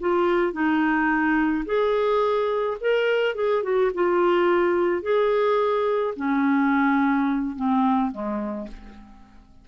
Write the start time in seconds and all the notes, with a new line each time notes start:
0.00 F4
0.52 D#4
1.65 G#4
2.80 A#4
3.35 G#4
3.63 F#4
3.94 F4
5.02 G#4
6.16 C#4
7.56 C4
8.12 G#3